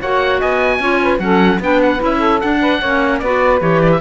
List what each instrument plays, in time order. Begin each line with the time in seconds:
0.00 cello A#3, clarinet F#4, saxophone C#5, oboe F#5
0.40 cello B3, saxophone D#5, oboe G#5
0.80 cello C#4, clarinet F4, saxophone C#5
1.03 saxophone B4
1.19 cello F#3, clarinet C#4, saxophone A4, oboe F#5
1.60 cello B3, clarinet D4, saxophone B4, oboe G5
1.82 oboe F#5
1.99 cello C#4, clarinet E4, oboe E5
2.17 saxophone A4
2.40 clarinet D4, cello D4, oboe F#5
2.61 saxophone B4
2.79 cello A#3, clarinet C#4, saxophone C#5
3.20 cello B3, clarinet F#4, saxophone B4, oboe D5
3.60 cello E3, clarinet G4, oboe C#5
3.81 oboe D5
3.91 oboe E5